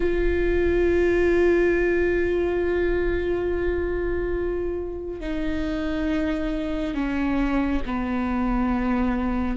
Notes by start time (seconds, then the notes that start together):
0.00 F4
5.20 D#4
6.94 C#4
7.85 B3